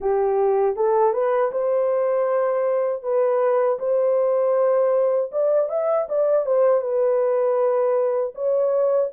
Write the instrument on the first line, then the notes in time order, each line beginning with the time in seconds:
horn
0.00 G4
0.76 A4
1.13 B4
1.51 C5
3.02 B4
3.79 C5
5.31 D5
5.69 E5
6.09 D5
6.46 C5
6.81 B4
8.34 C#5